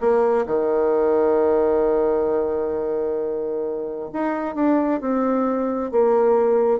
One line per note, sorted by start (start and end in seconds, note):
0.00 0.45 A#3
0.46 4.10 D#3
4.13 4.55 D#4
4.55 5.00 D4
5.00 5.91 C4
5.91 6.79 A#3